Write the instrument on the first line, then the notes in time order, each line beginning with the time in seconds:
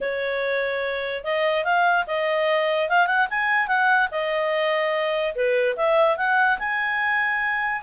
clarinet
0.01 C#5
1.23 D#5
1.64 F5
2.07 D#5
2.89 F5
3.07 F#5
3.30 G#5
3.67 F#5
4.11 D#5
5.35 B4
5.76 E5
6.17 F#5
6.58 G#5